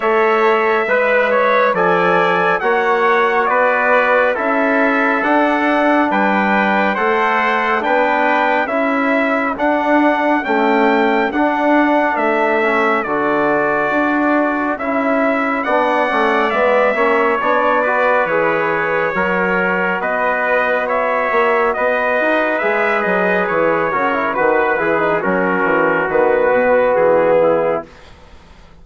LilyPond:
<<
  \new Staff \with { instrumentName = "trumpet" } { \time 4/4 \tempo 4 = 69 e''2 gis''4 fis''4 | d''4 e''4 fis''4 g''4 | fis''4 g''4 e''4 fis''4 | g''4 fis''4 e''4 d''4~ |
d''4 e''4 fis''4 e''4 | d''4 cis''2 dis''4 | e''4 dis''4 e''8 dis''8 cis''4 | b'8 gis'8 ais'4 b'4 gis'4 | }
  \new Staff \with { instrumentName = "trumpet" } { \time 4/4 cis''4 b'8 cis''8 d''4 cis''4 | b'4 a'2 b'4 | c''4 b'4 a'2~ | a'1~ |
a'2 d''4. cis''8~ | cis''8 b'4. ais'4 b'4 | cis''4 b'2~ b'8 ais'8 | b'4 fis'2~ fis'8 e'8 | }
  \new Staff \with { instrumentName = "trombone" } { \time 4/4 a'4 b'4 a'4 fis'4~ | fis'4 e'4 d'2 | a'4 d'4 e'4 d'4 | a4 d'4. cis'8 fis'4~ |
fis'4 e'4 d'8 cis'8 b8 cis'8 | d'8 fis'8 gis'4 fis'2~ | fis'2 gis'4. fis'16 e'16 | fis'8 e'16 dis'16 cis'4 b2 | }
  \new Staff \with { instrumentName = "bassoon" } { \time 4/4 a4 gis4 f4 ais4 | b4 cis'4 d'4 g4 | a4 b4 cis'4 d'4 | cis'4 d'4 a4 d4 |
d'4 cis'4 b8 a8 gis8 ais8 | b4 e4 fis4 b4~ | b8 ais8 b8 dis'8 gis8 fis8 e8 cis8 | dis8 e8 fis8 e8 dis8 b,8 e4 | }
>>